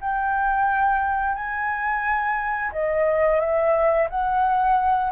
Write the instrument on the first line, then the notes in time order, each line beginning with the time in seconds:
flute
0.00 G5
1.35 G#5
2.72 D#5
3.40 E5
4.10 F#5